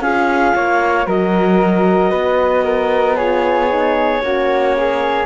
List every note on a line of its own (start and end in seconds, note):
0.00 0.53 C#4
0.00 1.07 F4
0.00 0.54 G#4
0.00 1.06 F5
0.55 1.06 A#3
0.55 1.06 C#5
1.06 2.11 F#3
1.06 3.18 F#4
1.06 2.10 A#4
1.06 3.16 D#5
2.10 4.22 B3
2.10 2.63 B4
2.64 3.16 A#4
3.16 3.69 F4
3.16 4.21 G#4
3.16 5.26 C#5
3.69 4.22 D#4
4.22 5.26 A#3
4.22 5.26 C#4
4.22 4.75 F#4
4.77 5.26 G#4